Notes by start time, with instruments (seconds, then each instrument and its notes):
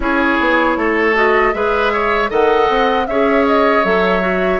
0.00 bassoon C#4, clarinet E4, oboe G#4, flute C#5
0.40 bassoon B3
0.76 bassoon A3, oboe A4
1.14 clarinet F#4, flute D#5
1.53 bassoon G#3, clarinet G#4, oboe B4, flute E5
1.92 oboe C#5
2.28 bassoon D#3, clarinet A4, oboe D#5, flute F#5
2.69 bassoon C4
3.07 bassoon C#4, clarinet G#4, oboe C#5, flute E5
3.47 flute D#5
3.83 bassoon F#3, clarinet A4, flute E5
4.20 clarinet F#4